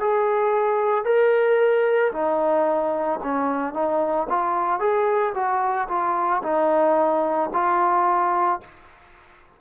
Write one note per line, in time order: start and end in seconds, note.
0.00 1.05 G#4
1.05 2.12 A#4
2.13 3.20 D#4
3.23 3.74 C#4
3.74 4.27 D#4
4.29 4.80 F4
4.80 5.33 G#4
5.34 5.88 F#4
5.89 6.42 F4
6.43 7.50 D#4
7.53 8.61 F4